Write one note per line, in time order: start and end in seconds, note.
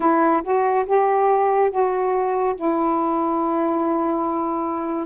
0.00 0.42 E4
0.43 0.85 F#4
0.86 1.70 G4
1.71 2.55 F#4
2.55 5.06 E4